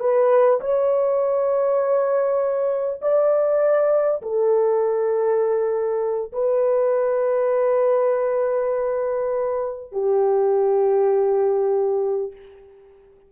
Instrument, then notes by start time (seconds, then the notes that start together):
horn
0.00 B4
0.61 C#5
3.02 D5
4.22 A4
6.33 B4
9.92 G4